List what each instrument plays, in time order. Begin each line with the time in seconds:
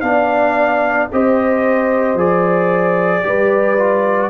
0.00 tuba B3, trombone D4, trumpet F5
0.06 horn D5
1.12 tuba C4, trombone G4, horn C5, trumpet D#5
2.14 tuba F3, trombone G#4, trumpet D5
3.22 tuba G3, trombone G4, horn B4
3.77 trombone F4